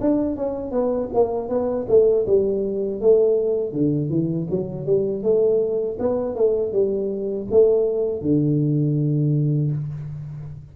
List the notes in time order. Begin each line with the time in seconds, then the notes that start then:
0.00 D4
0.35 C#4
0.71 B3
1.13 A#3
1.48 B3
1.88 A3
2.26 G3
3.00 A3
3.72 D3
4.09 E3
4.50 F#3
4.85 G3
5.23 A3
5.99 B3
6.35 A3
6.72 G3
7.51 A3
8.21 D3